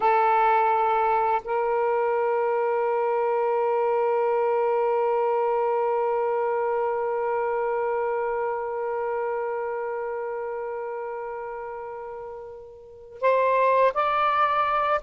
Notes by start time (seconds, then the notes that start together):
0.00 A4
1.44 A#4
13.21 C5
13.94 D5